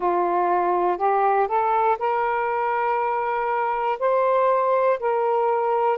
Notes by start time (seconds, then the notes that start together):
0.00 F4
0.97 G4
1.47 A4
1.98 A#4
3.99 C5
4.99 A#4